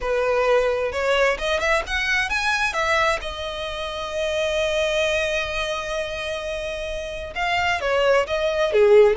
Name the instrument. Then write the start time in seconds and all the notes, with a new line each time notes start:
violin
0.00 B4
0.91 C#5
1.38 D#5
1.59 E5
1.86 F#5
2.29 G#5
2.73 E5
3.21 D#5
7.35 F5
7.80 C#5
8.27 D#5
8.72 G#4